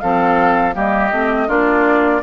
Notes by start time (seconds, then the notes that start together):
0.00 F3 C4 A4 F5
0.73 G3 A#3 G4 D#5
1.12 A3 C4
1.48 A#3 D4 F4 D5